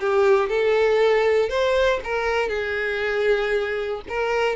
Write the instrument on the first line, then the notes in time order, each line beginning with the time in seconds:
violin
0.00 G4
0.49 A4
1.49 C5
2.04 A#4
2.49 G#4
4.09 A#4